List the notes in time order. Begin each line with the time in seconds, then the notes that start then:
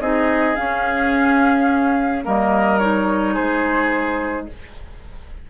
0.00 C4 D#4 G#4 D#5
0.56 C#4 F5
2.23 G3 A#3 A#4 D#5
2.79 D#4 C#5
3.34 G#3 G#4 C5